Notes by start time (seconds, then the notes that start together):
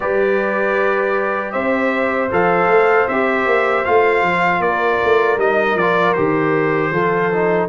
0.00 G3 G4 B4 D5
1.52 C4 C5 E5
2.31 F3 A4 F5
2.67 A3
3.08 C4 G4 E5
3.46 A#3
3.84 A3 F4 F5
4.22 F3
4.59 A#3 D5
4.65 A#4
5.03 A3
5.37 G3 D#4 D#5
5.74 F3 D5
5.80 F4
6.13 D#3 G4 C5
6.91 F3 F4 A4
7.32 D#4